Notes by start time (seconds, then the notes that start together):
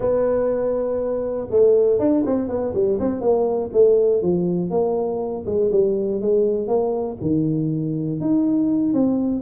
0.00 B3
1.50 A3
1.99 D4
2.25 C4
2.48 B3
2.74 G3
2.99 C4
3.20 A#3
3.72 A3
4.21 F3
4.70 A#3
5.45 G#3
5.71 G3
6.21 G#3
6.67 A#3
7.21 D#3
8.20 D#4
8.93 C4